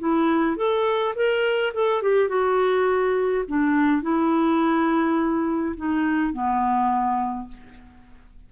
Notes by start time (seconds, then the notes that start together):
0.00 E4
0.57 A4
1.16 A#4
1.74 A4
2.02 G4
2.29 F#4
3.48 D4
4.03 E4
5.77 D#4
6.33 B3